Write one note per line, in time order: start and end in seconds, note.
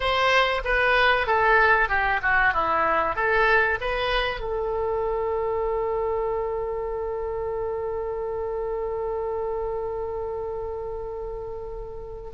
0.00 0.62 C5
0.64 1.27 B4
1.27 1.88 A4
1.88 2.20 G4
2.22 2.53 F#4
2.53 3.15 E4
3.15 3.78 A4
3.80 4.40 B4
4.40 12.30 A4